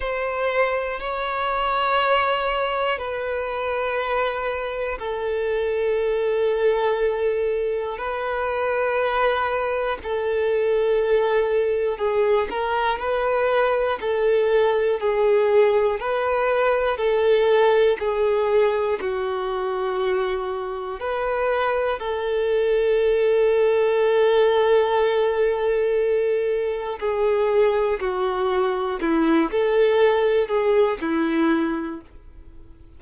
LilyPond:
\new Staff \with { instrumentName = "violin" } { \time 4/4 \tempo 4 = 60 c''4 cis''2 b'4~ | b'4 a'2. | b'2 a'2 | gis'8 ais'8 b'4 a'4 gis'4 |
b'4 a'4 gis'4 fis'4~ | fis'4 b'4 a'2~ | a'2. gis'4 | fis'4 e'8 a'4 gis'8 e'4 | }